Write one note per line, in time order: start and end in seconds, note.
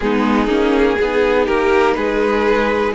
0.00 0.47 G#3
0.00 0.48 B3
0.00 0.98 D#4
0.00 1.46 G#4
0.47 0.96 A#3
0.47 0.97 C#4
0.98 1.48 B3
0.98 2.94 D#4
0.98 1.45 G#4
1.45 1.96 A#3
1.45 1.94 G4
1.45 1.94 A#4
1.94 2.94 G#3
1.94 2.94 G#4
1.94 2.92 B4